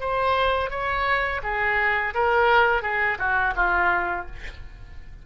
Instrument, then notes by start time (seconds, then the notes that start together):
oboe
0.00 C5
0.70 C#5
1.43 G#4
2.14 A#4
2.82 G#4
3.18 F#4
3.55 F4